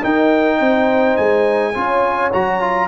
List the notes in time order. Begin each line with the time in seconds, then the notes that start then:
0.00 D#4 A#4 G5
0.58 C4 C5
1.16 G#3 G#5
1.73 C#4 F4 C#5
2.32 F#3 F#4 A#5
2.60 F4